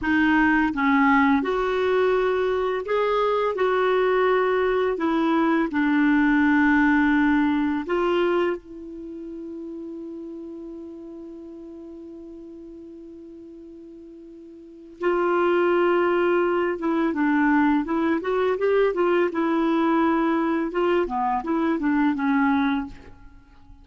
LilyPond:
\new Staff \with { instrumentName = "clarinet" } { \time 4/4 \tempo 4 = 84 dis'4 cis'4 fis'2 | gis'4 fis'2 e'4 | d'2. f'4 | e'1~ |
e'1~ | e'4 f'2~ f'8 e'8 | d'4 e'8 fis'8 g'8 f'8 e'4~ | e'4 f'8 b8 e'8 d'8 cis'4 | }